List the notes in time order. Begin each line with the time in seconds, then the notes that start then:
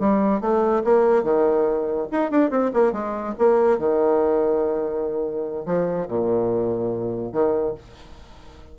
0.00 G3
0.41 A3
0.84 A#3
1.24 D#3
2.12 D#4
2.31 D4
2.51 C4
2.74 A#3
2.93 G#3
3.39 A#3
3.79 D#3
5.66 F3
6.08 A#2
7.33 D#3